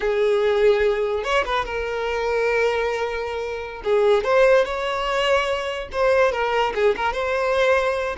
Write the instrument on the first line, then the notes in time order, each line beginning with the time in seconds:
violin
0.00 G#4
1.23 C#5
1.45 B4
1.65 A#4
3.84 G#4
4.23 C5
4.64 C#5
5.92 C5
6.32 A#4
6.74 G#4
6.96 A#4
7.12 C5